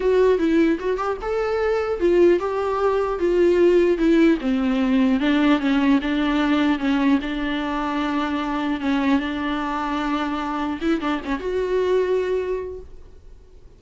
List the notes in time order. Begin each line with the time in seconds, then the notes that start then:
0.00 F#4
0.38 E4
0.79 F#4
0.97 G4
1.21 A4
1.99 F4
2.39 G4
3.19 F4
3.98 E4
4.40 C4
5.20 D4
5.59 C#4
6.01 D4
6.78 C#4
7.21 D4
8.80 C#4
9.19 D4
10.81 E4
11.00 D4
11.24 C#4
11.39 F#4